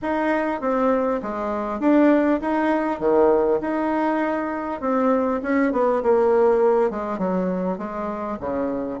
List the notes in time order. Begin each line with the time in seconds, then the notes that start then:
0.02 D#4
0.60 C4
1.22 G#3
1.80 D4
2.41 D#4
2.99 D#3
3.61 D#4
4.80 C4
5.42 C#4
5.72 B3
6.02 A#3
6.90 G#3
7.18 F#3
7.78 G#3
8.39 C#3